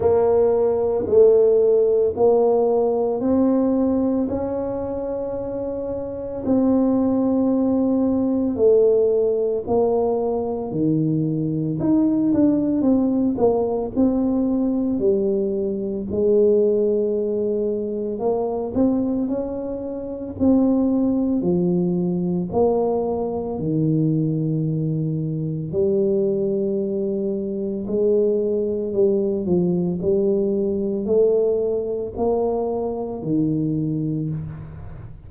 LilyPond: \new Staff \with { instrumentName = "tuba" } { \time 4/4 \tempo 4 = 56 ais4 a4 ais4 c'4 | cis'2 c'2 | a4 ais4 dis4 dis'8 d'8 | c'8 ais8 c'4 g4 gis4~ |
gis4 ais8 c'8 cis'4 c'4 | f4 ais4 dis2 | g2 gis4 g8 f8 | g4 a4 ais4 dis4 | }